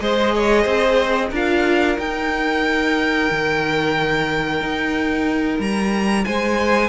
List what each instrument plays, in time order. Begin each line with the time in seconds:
0.00 cello G#3, viola G#4, violin C5 D#5
0.35 violin C#5
0.62 cello C4, violin C5
1.31 cello D4, viola F4, violin A#4 F5
1.98 cello D#4, viola D#4, violin G5
3.30 cello D#3
4.61 cello D#4
5.59 cello G3, violin A#5
6.25 cello G#3, violin C5 G#5